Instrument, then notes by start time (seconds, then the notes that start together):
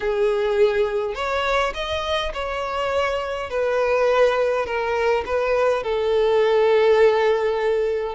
violin
0.00 G#4
1.14 C#5
1.74 D#5
2.33 C#5
3.50 B4
4.65 A#4
5.25 B4
5.83 A4